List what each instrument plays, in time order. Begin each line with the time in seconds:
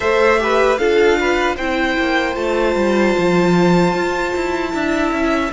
0.00 cello A3, viola A4, violin C5 E5
0.38 viola G4, violin B4
0.77 cello D4, viola F4, violin A4 F5
1.19 violin B4
1.56 cello C4, viola E4, violin C5 G5
1.98 cello A#3
2.34 cello A3, viola F4, violin A5
2.75 cello G3
3.18 cello F3
3.94 cello F4
4.35 cello E4
4.70 cello D4, viola E4, violin E5
5.12 cello C#4